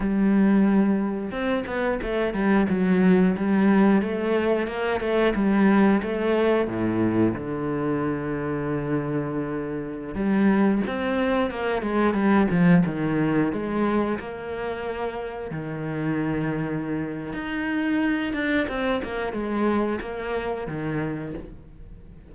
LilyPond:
\new Staff \with { instrumentName = "cello" } { \time 4/4 \tempo 4 = 90 g2 c'8 b8 a8 g8 | fis4 g4 a4 ais8 a8 | g4 a4 a,4 d4~ | d2.~ d16 g8.~ |
g16 c'4 ais8 gis8 g8 f8 dis8.~ | dis16 gis4 ais2 dis8.~ | dis2 dis'4. d'8 | c'8 ais8 gis4 ais4 dis4 | }